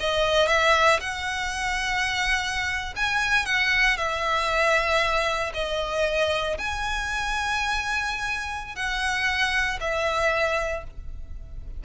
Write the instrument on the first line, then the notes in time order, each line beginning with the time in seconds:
violin
0.00 D#5
0.48 E5
1.00 F#5
2.96 G#5
3.46 F#5
3.97 E5
5.54 D#5
6.58 G#5
8.76 F#5
9.80 E5